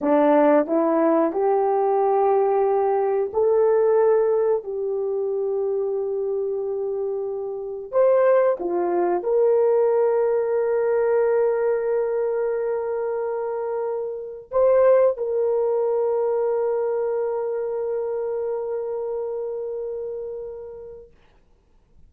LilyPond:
\new Staff \with { instrumentName = "horn" } { \time 4/4 \tempo 4 = 91 d'4 e'4 g'2~ | g'4 a'2 g'4~ | g'1 | c''4 f'4 ais'2~ |
ais'1~ | ais'2 c''4 ais'4~ | ais'1~ | ais'1 | }